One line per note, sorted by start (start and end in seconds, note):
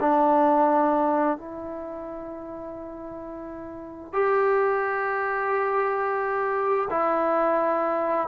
0.00 1.37 D4
1.37 4.13 E4
4.13 6.88 G4
6.90 8.28 E4